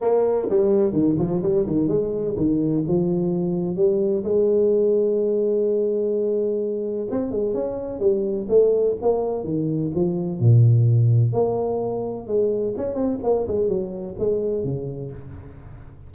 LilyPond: \new Staff \with { instrumentName = "tuba" } { \time 4/4 \tempo 4 = 127 ais4 g4 dis8 f8 g8 dis8 | gis4 dis4 f2 | g4 gis2.~ | gis2. c'8 gis8 |
cis'4 g4 a4 ais4 | dis4 f4 ais,2 | ais2 gis4 cis'8 c'8 | ais8 gis8 fis4 gis4 cis4 | }